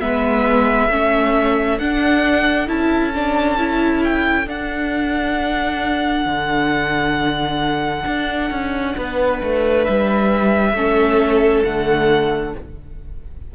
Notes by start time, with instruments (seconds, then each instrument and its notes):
0.00 cello G#3, viola B3, violin B4 E5
0.89 cello A3, viola C#4, violin A4
1.79 cello D4, viola D4, violin F#5
2.66 cello C#4, viola E4, violin A5
3.14 viola D4
3.58 viola E4
4.03 violin G5
4.45 viola D4, cello D4, violin F#5
6.25 cello D3
8.06 cello D4
8.50 cello C#4
8.97 cello B3, violin B4
9.42 cello A3
9.83 cello G3, violin E5
10.73 cello A3, viola C#4, violin A4
11.64 cello D3, viola A3, violin F#5